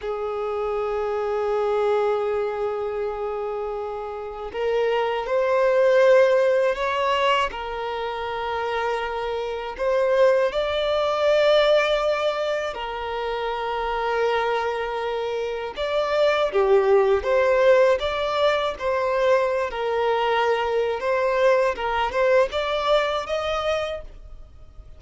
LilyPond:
\new Staff \with { instrumentName = "violin" } { \time 4/4 \tempo 4 = 80 gis'1~ | gis'2 ais'4 c''4~ | c''4 cis''4 ais'2~ | ais'4 c''4 d''2~ |
d''4 ais'2.~ | ais'4 d''4 g'4 c''4 | d''4 c''4~ c''16 ais'4.~ ais'16 | c''4 ais'8 c''8 d''4 dis''4 | }